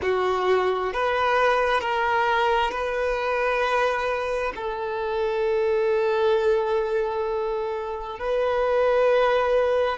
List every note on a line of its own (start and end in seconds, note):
0.02 0.93 F#4
0.93 1.81 B4
1.81 2.71 A#4
2.71 4.52 B4
4.55 8.19 A4
8.19 9.97 B4